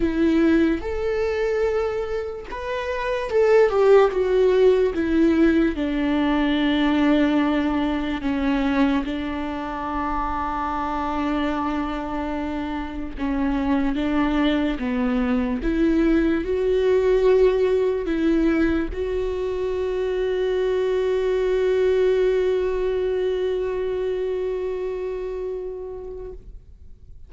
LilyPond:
\new Staff \with { instrumentName = "viola" } { \time 4/4 \tempo 4 = 73 e'4 a'2 b'4 | a'8 g'8 fis'4 e'4 d'4~ | d'2 cis'4 d'4~ | d'1 |
cis'4 d'4 b4 e'4 | fis'2 e'4 fis'4~ | fis'1~ | fis'1 | }